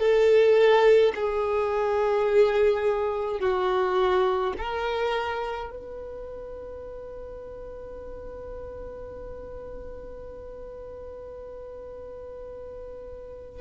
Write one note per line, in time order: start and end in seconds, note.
0.00 1.13 A4
1.15 3.40 G#4
3.40 4.53 F#4
4.58 5.71 A#4
5.71 13.62 B4